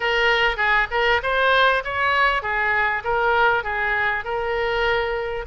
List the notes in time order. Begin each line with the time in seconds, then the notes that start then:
0.00 A#4
0.56 G#4
0.91 A#4
1.22 C5
1.84 C#5
2.42 G#4
3.03 A#4
3.63 G#4
4.24 A#4